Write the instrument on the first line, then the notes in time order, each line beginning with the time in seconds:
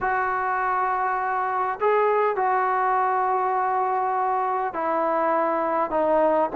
trombone
0.01 F#4
1.80 G#4
2.35 F#4
4.73 E4
5.90 D#4